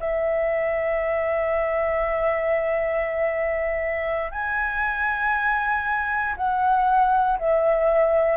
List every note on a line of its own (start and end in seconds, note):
0.00 4.32 E5
4.32 6.35 G#5
6.37 7.39 F#5
7.39 8.37 E5